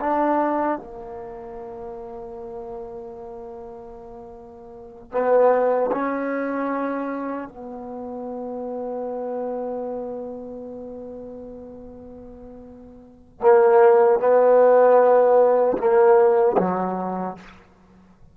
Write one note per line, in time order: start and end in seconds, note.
0.00 0.78 D4
0.78 5.12 A#3
5.12 5.91 B3
5.92 7.49 C#4
7.49 13.41 B3
13.41 14.19 A#3
14.19 15.77 B3
15.78 16.57 A#3
16.58 17.37 F#3